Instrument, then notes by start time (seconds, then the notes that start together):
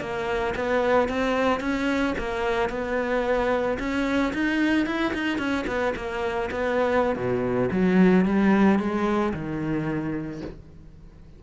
cello
0.00 A#3
0.55 B3
1.09 C4
1.60 C#4
2.18 A#3
2.70 B3
3.79 C#4
4.33 D#4
4.86 E4
5.14 D#4
5.38 C#4
5.67 B3
5.96 A#3
6.51 B3
7.16 B2
7.71 F#3
8.25 G3
8.79 G#3
9.33 D#3